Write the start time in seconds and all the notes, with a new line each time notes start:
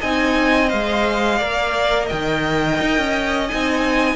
0.00 C4 D#4 D#5 G#5
0.68 G#3 C5 F5
1.39 A#3 A#4 D5
2.06 D#5 G5
2.12 D#3
2.81 D#4
2.98 C#4
3.48 C4 D#4 G#5